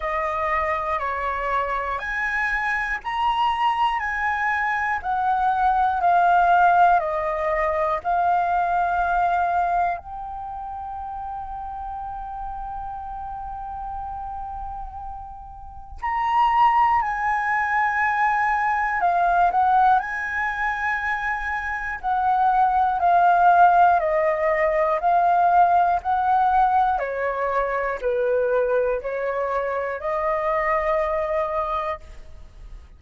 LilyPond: \new Staff \with { instrumentName = "flute" } { \time 4/4 \tempo 4 = 60 dis''4 cis''4 gis''4 ais''4 | gis''4 fis''4 f''4 dis''4 | f''2 g''2~ | g''1 |
ais''4 gis''2 f''8 fis''8 | gis''2 fis''4 f''4 | dis''4 f''4 fis''4 cis''4 | b'4 cis''4 dis''2 | }